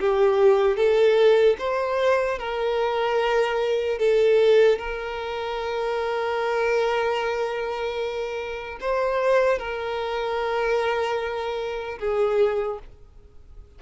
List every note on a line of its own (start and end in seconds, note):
0.00 0.77 G4
0.77 1.57 A4
1.59 2.39 C5
2.39 3.99 A#4
3.99 4.79 A4
4.79 8.79 A#4
8.81 9.59 C5
9.59 11.99 A#4
11.99 12.79 G#4